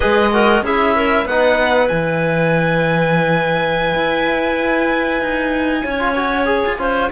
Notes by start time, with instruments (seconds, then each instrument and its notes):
0.00 cello G#3, trombone G#4, clarinet B4, violin D#5
0.32 trombone F#4, clarinet A#4
0.62 cello C#4, trombone E4, clarinet G#4, violin E5
0.95 clarinet A#4
1.24 cello B3, trombone D#4, clarinet B4, violin F#5
1.88 cello E3, trombone E4, violin G#5
3.94 cello E4
5.20 cello D#4
5.83 cello C#4, clarinet C#5
5.99 trombone F4
6.15 trombone F#4
6.45 trombone G#4
6.65 cello F4
6.78 cello C#4, trombone F4, clarinet C5